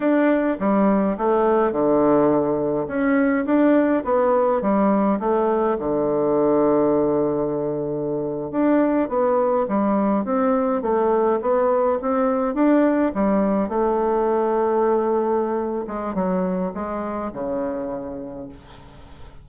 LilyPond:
\new Staff \with { instrumentName = "bassoon" } { \time 4/4 \tempo 4 = 104 d'4 g4 a4 d4~ | d4 cis'4 d'4 b4 | g4 a4 d2~ | d2~ d8. d'4 b16~ |
b8. g4 c'4 a4 b16~ | b8. c'4 d'4 g4 a16~ | a2.~ a8 gis8 | fis4 gis4 cis2 | }